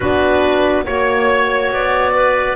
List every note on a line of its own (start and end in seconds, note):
0.00 0.86 B3
0.00 0.85 D4
0.00 0.85 F#4
0.00 0.84 B4
0.85 1.71 A#3
0.85 2.56 F#4
0.85 1.71 C#5
0.85 2.14 C#5
1.71 2.56 B3
1.71 2.56 D5
2.14 2.56 B4